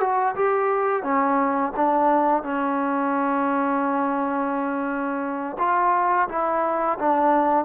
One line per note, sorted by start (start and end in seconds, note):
0.00 0.35 F#4
0.35 1.02 G4
1.02 1.72 C#4
1.76 2.43 D4
2.43 5.57 C#4
5.58 6.28 F4
6.28 6.98 E4
6.99 7.65 D4